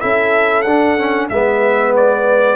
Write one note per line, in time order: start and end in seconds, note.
0.00 0.64 C#4
0.00 0.65 E4
0.00 1.30 A4
0.00 0.62 E5
0.62 1.29 D4
0.62 0.98 D4
0.62 1.26 F#5
0.98 1.30 C#4
1.29 2.55 G#3
1.29 2.55 B3
1.29 2.55 B4
1.29 1.93 E5
1.96 2.55 D5